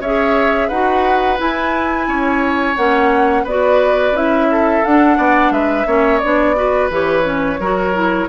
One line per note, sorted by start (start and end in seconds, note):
0.00 0.69 C#4
0.00 0.72 G#4
0.00 0.68 C#5
0.00 0.69 E5
0.68 1.39 D#4
0.68 1.37 F#4
0.68 2.06 B4
0.68 1.38 F#5
1.37 2.75 E4
1.37 2.08 E4
1.37 2.77 G#5
2.08 2.77 C#4
2.08 3.44 C#5
2.77 3.45 A#3
2.77 3.46 C#4
2.77 3.46 F#5
3.44 4.12 B3
3.44 4.15 F#4
3.44 4.47 B4
3.44 4.16 D5
4.12 4.81 C#4
4.12 4.84 E4
4.12 4.85 E5
4.52 5.18 A4
4.85 5.18 D4
4.85 5.87 D4
4.85 5.53 F#5
5.18 5.51 B3
5.18 5.53 D5
5.51 5.85 G#3
5.51 5.87 B4
5.51 6.19 E5
5.87 6.21 A#3
5.87 6.21 C#4
5.87 6.56 C#5
6.19 6.90 B3
6.19 6.56 D4
6.19 6.88 D5
6.56 6.91 F#4
6.56 7.60 B4
6.90 7.59 E3
6.90 7.24 G4
6.90 8.29 C#5
7.24 7.58 C#4
7.59 8.28 F#3
7.59 7.94 F#4
7.59 8.29 A#4
7.94 8.29 E4